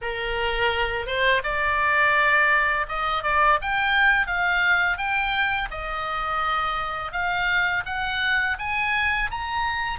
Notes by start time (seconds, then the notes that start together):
0.01 A#4
1.06 C5
1.43 D5
2.88 D#5
3.23 D5
3.61 G5
4.26 F5
4.97 G5
5.70 D#5
7.12 F5
7.85 F#5
8.58 G#5
9.30 A#5